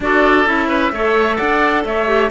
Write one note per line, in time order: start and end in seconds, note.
0.00 0.46 D4
0.00 0.45 F#4
0.00 0.68 A4
0.00 0.46 D5
0.45 0.92 C#4
0.45 0.91 E4
0.45 1.36 E5
0.68 0.91 B4
0.92 1.38 A3
0.92 2.06 A4
0.92 1.36 C#5
1.36 1.85 D4
1.36 1.82 D5
1.36 1.82 F#5
1.85 2.30 A3
1.85 2.30 C#5
1.85 2.30 E5
2.06 2.29 G4